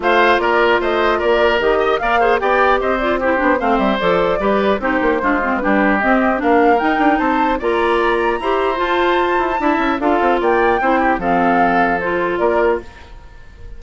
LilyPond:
<<
  \new Staff \with { instrumentName = "flute" } { \time 4/4 \tempo 4 = 150 f''4 d''4 dis''4 d''4 | dis''4 f''4 g''4 dis''8 d''8 | c''4 f''8 e''8 d''2 | c''2 b'4 dis''4 |
f''4 g''4 a''4 ais''4~ | ais''2 a''2~ | a''4 f''4 g''2 | f''2 c''4 d''4 | }
  \new Staff \with { instrumentName = "oboe" } { \time 4/4 c''4 ais'4 c''4 ais'4~ | ais'8 dis''8 d''8 c''8 d''4 c''4 | g'4 c''2 b'4 | g'4 f'4 g'2 |
ais'2 c''4 d''4~ | d''4 c''2. | e''4 a'4 d''4 c''8 g'8 | a'2. ais'4 | }
  \new Staff \with { instrumentName = "clarinet" } { \time 4/4 f'1 | g'4 ais'8 gis'8 g'4. f'8 | e'8 d'8 c'4 a'4 g'4 | dis'4 d'8 c'8 d'4 c'4 |
d'4 dis'2 f'4~ | f'4 g'4 f'2 | e'4 f'2 e'4 | c'2 f'2 | }
  \new Staff \with { instrumentName = "bassoon" } { \time 4/4 a4 ais4 a4 ais4 | dis4 ais4 b4 c'4~ | c'8 b8 a8 g8 f4 g4 | c'8 ais8 gis4 g4 c'4 |
ais4 dis'8 d'8 c'4 ais4~ | ais4 e'4 f'4. e'8 | d'8 cis'8 d'8 c'8 ais4 c'4 | f2. ais4 | }
>>